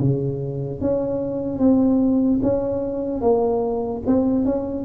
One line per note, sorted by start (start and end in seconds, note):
0.00 0.81 C#3
0.81 1.59 C#4
1.59 2.40 C4
2.43 3.21 C#4
3.21 4.02 A#3
4.07 4.45 C4
4.45 4.85 C#4